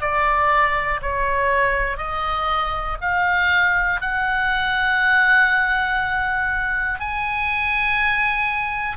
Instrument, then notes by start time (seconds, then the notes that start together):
oboe
0.00 D5
1.01 C#5
1.97 D#5
3.00 F5
4.00 F#5
6.99 G#5